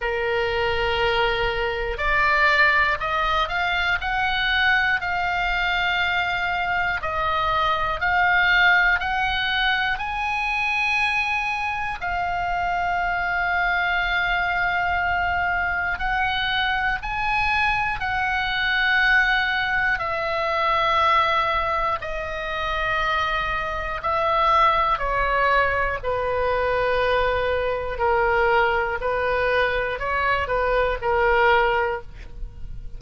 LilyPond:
\new Staff \with { instrumentName = "oboe" } { \time 4/4 \tempo 4 = 60 ais'2 d''4 dis''8 f''8 | fis''4 f''2 dis''4 | f''4 fis''4 gis''2 | f''1 |
fis''4 gis''4 fis''2 | e''2 dis''2 | e''4 cis''4 b'2 | ais'4 b'4 cis''8 b'8 ais'4 | }